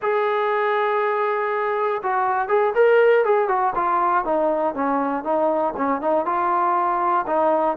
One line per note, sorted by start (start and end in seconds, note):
0.02 2.02 G#4
2.02 2.48 F#4
2.48 2.73 G#4
2.74 3.24 A#4
3.24 3.48 G#4
3.48 3.73 F#4
3.75 4.24 F4
4.24 4.74 D#4
4.74 5.24 C#4
5.24 5.74 D#4
5.76 6.01 C#4
6.01 6.25 D#4
6.25 7.25 F4
7.26 7.76 D#4